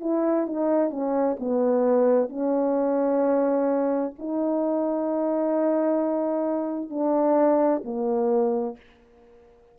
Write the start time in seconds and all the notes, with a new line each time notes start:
0.00 E4
0.46 D#4
0.90 C#4
1.39 B3
2.29 C#4
4.18 D#4
6.89 D4
7.84 A#3